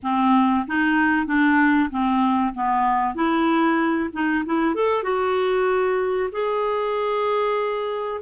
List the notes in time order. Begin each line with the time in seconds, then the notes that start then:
0.02 C4
0.67 D#4
1.26 D4
1.90 C4
2.53 B3
3.14 E4
4.12 D#4
4.45 E4
4.75 A4
5.03 F#4
6.32 G#4